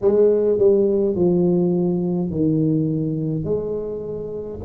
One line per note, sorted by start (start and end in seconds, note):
0.01 0.58 G#3
0.58 1.15 G3
1.15 2.30 F3
2.30 3.44 D#3
3.44 4.59 G#3